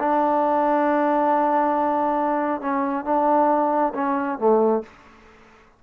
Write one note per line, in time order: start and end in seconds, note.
0.00 2.61 D4
2.61 3.05 C#4
3.05 3.93 D4
3.95 4.39 C#4
4.39 4.83 A3